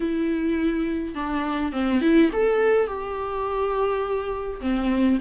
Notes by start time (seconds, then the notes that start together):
0.00 E4
1.15 D4
1.72 C4
2.01 E4
2.32 A4
2.87 G4
4.60 C4